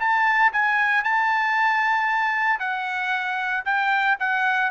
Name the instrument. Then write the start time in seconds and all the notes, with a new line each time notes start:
trumpet
0.00 A5
0.53 G#5
1.04 A5
2.59 F#5
3.65 G5
4.20 F#5